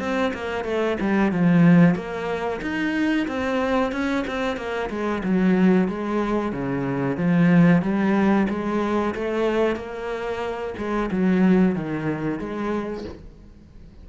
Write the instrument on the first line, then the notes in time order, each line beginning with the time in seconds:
cello
0.00 C4
0.34 A#3
0.65 A3
1.01 G3
1.32 F3
1.95 A#3
2.62 D#4
3.28 C4
3.92 C#4
4.27 C4
4.57 A#3
4.90 G#3
5.24 F#3
5.88 G#3
6.53 C#3
7.17 F3
7.82 G3
8.49 G#3
9.15 A3
9.76 A#3
10.78 G#3
11.12 F#3
11.75 D#3
12.39 G#3